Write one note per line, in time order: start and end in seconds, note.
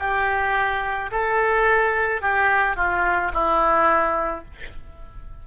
0.00 1.11 G4
1.12 2.22 A4
2.22 2.77 G4
2.77 3.32 F4
3.34 4.45 E4